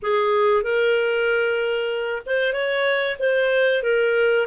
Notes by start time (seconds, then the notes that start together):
0.02 G#4
0.62 A#4
2.26 C5
2.53 C#5
3.19 C5
3.82 A#4